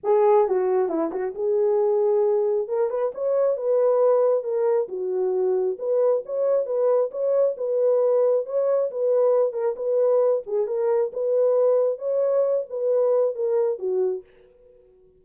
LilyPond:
\new Staff \with { instrumentName = "horn" } { \time 4/4 \tempo 4 = 135 gis'4 fis'4 e'8 fis'8 gis'4~ | gis'2 ais'8 b'8 cis''4 | b'2 ais'4 fis'4~ | fis'4 b'4 cis''4 b'4 |
cis''4 b'2 cis''4 | b'4. ais'8 b'4. gis'8 | ais'4 b'2 cis''4~ | cis''8 b'4. ais'4 fis'4 | }